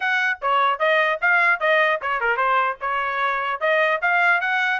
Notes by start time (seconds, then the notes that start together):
0.00 F#5
0.41 C#5
0.79 D#5
1.21 F5
1.60 D#5
2.01 C#5
2.20 A#4
2.37 C5
2.80 C#5
3.60 D#5
4.01 F5
4.40 F#5